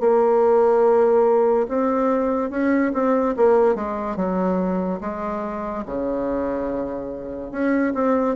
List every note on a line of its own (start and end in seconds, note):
0.00 1.67 A#3
1.68 2.50 C4
2.50 2.92 C#4
2.93 3.35 C4
3.36 3.75 A#3
3.75 4.16 G#3
4.16 4.99 F#3
5.00 5.84 G#3
5.86 7.51 C#3
7.51 7.93 C#4
7.94 8.35 C4